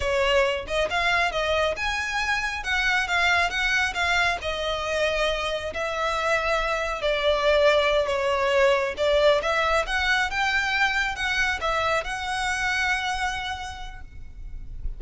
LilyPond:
\new Staff \with { instrumentName = "violin" } { \time 4/4 \tempo 4 = 137 cis''4. dis''8 f''4 dis''4 | gis''2 fis''4 f''4 | fis''4 f''4 dis''2~ | dis''4 e''2. |
d''2~ d''8 cis''4.~ | cis''8 d''4 e''4 fis''4 g''8~ | g''4. fis''4 e''4 fis''8~ | fis''1 | }